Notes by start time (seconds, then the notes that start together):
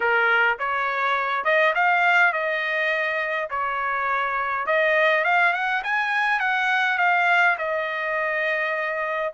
0.00 A#4
0.59 C#5
1.44 D#5
1.74 F5
2.32 D#5
3.50 C#5
4.66 D#5
5.24 F5
5.53 F#5
5.83 G#5
6.39 F#5
6.98 F5
7.58 D#5